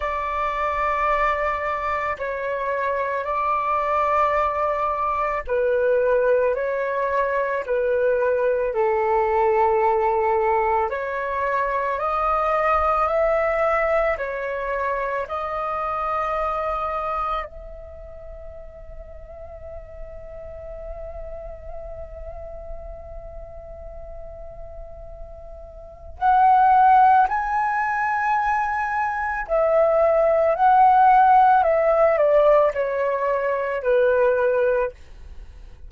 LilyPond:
\new Staff \with { instrumentName = "flute" } { \time 4/4 \tempo 4 = 55 d''2 cis''4 d''4~ | d''4 b'4 cis''4 b'4 | a'2 cis''4 dis''4 | e''4 cis''4 dis''2 |
e''1~ | e''1 | fis''4 gis''2 e''4 | fis''4 e''8 d''8 cis''4 b'4 | }